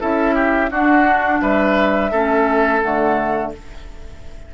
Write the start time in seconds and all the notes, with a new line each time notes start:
0.00 C#4 E4 A4 E5
0.35 G4
0.70 D4 F#4 F#5
1.41 G3 B4 E5
2.11 A3 C#4 A4
2.81 D3 A3 F#5